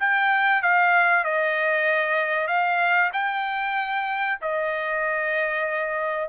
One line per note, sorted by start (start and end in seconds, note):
0.00 0.62 G5
0.62 1.25 F5
1.25 2.48 D#5
2.48 3.11 F5
3.13 4.39 G5
4.42 6.29 D#5